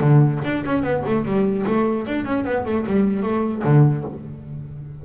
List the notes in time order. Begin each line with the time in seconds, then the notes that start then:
0.00 D3
0.45 D4
0.65 C#4
0.83 B3
1.07 A3
1.25 G3
1.67 A3
2.07 D4
2.25 C#4
2.45 B3
2.65 A3
2.87 G3
3.23 A3
3.64 D3